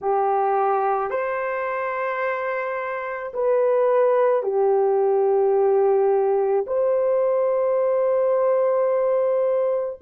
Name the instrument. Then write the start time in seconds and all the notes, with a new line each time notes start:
horn
0.01 G4
1.10 C5
3.33 B4
4.42 G4
6.66 C5